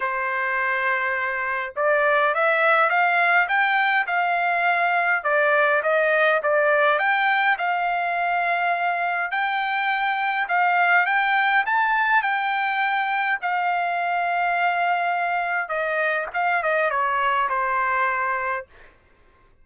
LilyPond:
\new Staff \with { instrumentName = "trumpet" } { \time 4/4 \tempo 4 = 103 c''2. d''4 | e''4 f''4 g''4 f''4~ | f''4 d''4 dis''4 d''4 | g''4 f''2. |
g''2 f''4 g''4 | a''4 g''2 f''4~ | f''2. dis''4 | f''8 dis''8 cis''4 c''2 | }